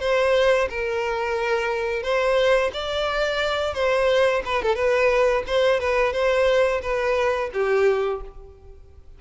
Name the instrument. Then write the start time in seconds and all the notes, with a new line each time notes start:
violin
0.00 C5
0.70 A#4
2.03 C5
2.73 D5
3.74 C5
4.45 B4
4.62 A4
4.75 B4
5.47 C5
5.80 B4
6.13 C5
6.82 B4
7.53 G4